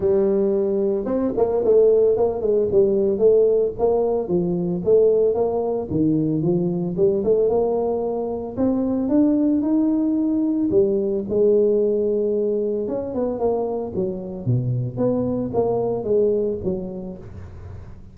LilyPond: \new Staff \with { instrumentName = "tuba" } { \time 4/4 \tempo 4 = 112 g2 c'8 ais8 a4 | ais8 gis8 g4 a4 ais4 | f4 a4 ais4 dis4 | f4 g8 a8 ais2 |
c'4 d'4 dis'2 | g4 gis2. | cis'8 b8 ais4 fis4 b,4 | b4 ais4 gis4 fis4 | }